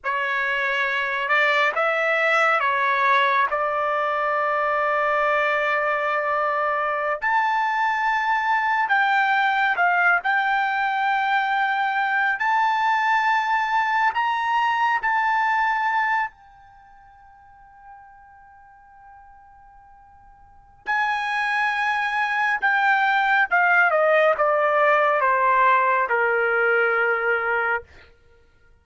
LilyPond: \new Staff \with { instrumentName = "trumpet" } { \time 4/4 \tempo 4 = 69 cis''4. d''8 e''4 cis''4 | d''1~ | d''16 a''2 g''4 f''8 g''16~ | g''2~ g''16 a''4.~ a''16~ |
a''16 ais''4 a''4. g''4~ g''16~ | g''1 | gis''2 g''4 f''8 dis''8 | d''4 c''4 ais'2 | }